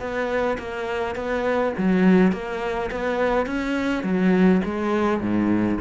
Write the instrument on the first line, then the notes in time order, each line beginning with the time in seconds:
cello
0.00 B3
0.58 A#3
1.16 B3
1.78 F#3
2.33 A#3
2.91 B3
3.46 C#4
4.04 F#3
4.65 G#3
5.21 G#2